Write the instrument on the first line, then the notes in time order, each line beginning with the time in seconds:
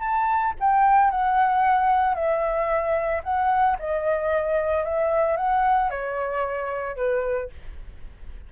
flute
0.00 A5
0.60 G5
1.11 F#5
2.15 E5
3.24 F#5
3.79 D#5
4.84 E5
5.37 F#5
5.91 C#5
6.96 B4